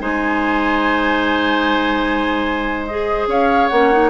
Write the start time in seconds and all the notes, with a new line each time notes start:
0.00 G#3 D#4 C5 G#5
2.86 G#4 D#5
3.27 C#4 C#5 F5
3.68 A#3 C#4 F#5
3.92 D#4